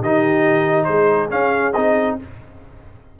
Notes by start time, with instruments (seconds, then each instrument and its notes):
0.00 tuba D#3, trombone D#4, horn G4, trumpet D#5
0.84 tuba G#3, horn G#4, trumpet C5
1.29 trombone C#4, tuba C#4, trumpet F5
1.73 tuba C4, trombone D#4, trumpet D#5